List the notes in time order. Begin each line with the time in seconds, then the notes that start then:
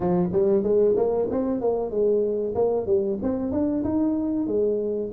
0.00 F3
0.32 G3
0.63 G#3
0.96 A#3
1.30 C4
1.60 A#3
1.90 G#3
2.54 A#3
2.86 G3
3.22 C4
3.51 D4
3.84 D#4
4.47 G#3